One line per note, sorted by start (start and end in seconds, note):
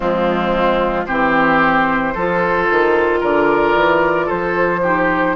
0.00 1.08 F3
0.00 1.06 G#3
0.00 1.05 C4
0.00 1.06 F4
1.06 2.15 E3
1.06 2.15 C4
1.06 2.14 G4
1.06 3.20 C5
2.14 2.69 F3
2.14 4.83 F4
2.14 3.19 A4
2.70 3.22 D#3
3.19 3.74 D3
3.19 4.26 A#4
3.19 4.29 D5
3.74 4.27 E3
4.26 5.35 F3
4.26 4.79 A4
4.26 5.35 C5
4.82 5.35 D#4
4.82 5.35 G4